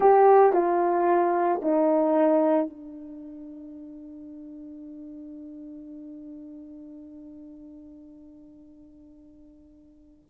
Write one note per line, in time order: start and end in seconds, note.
0.00 0.53 G4
0.53 1.61 F4
1.62 2.69 D#4
2.69 10.26 D4